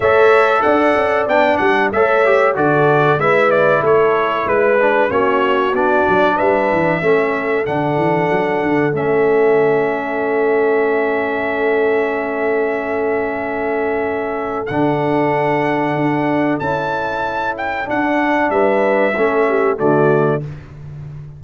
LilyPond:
<<
  \new Staff \with { instrumentName = "trumpet" } { \time 4/4 \tempo 4 = 94 e''4 fis''4 g''8 fis''8 e''4 | d''4 e''8 d''8 cis''4 b'4 | cis''4 d''4 e''2 | fis''2 e''2~ |
e''1~ | e''2. fis''4~ | fis''2 a''4. g''8 | fis''4 e''2 d''4 | }
  \new Staff \with { instrumentName = "horn" } { \time 4/4 cis''4 d''2 cis''4 | a'4 b'4 a'4 b'4 | fis'2 b'4 a'4~ | a'1~ |
a'1~ | a'1~ | a'1~ | a'4 b'4 a'8 g'8 fis'4 | }
  \new Staff \with { instrumentName = "trombone" } { \time 4/4 a'2 d'4 a'8 g'8 | fis'4 e'2~ e'8 d'8 | cis'4 d'2 cis'4 | d'2 cis'2~ |
cis'1~ | cis'2. d'4~ | d'2 e'2 | d'2 cis'4 a4 | }
  \new Staff \with { instrumentName = "tuba" } { \time 4/4 a4 d'8 cis'8 b8 g8 a4 | d4 gis4 a4 gis4 | ais4 b8 fis8 g8 e8 a4 | d8 e8 fis8 d8 a2~ |
a1~ | a2. d4~ | d4 d'4 cis'2 | d'4 g4 a4 d4 | }
>>